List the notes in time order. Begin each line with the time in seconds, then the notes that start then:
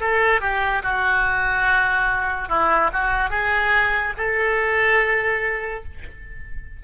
0.00 A4
0.41 G4
0.83 F#4
2.48 E4
2.93 F#4
3.30 G#4
4.17 A4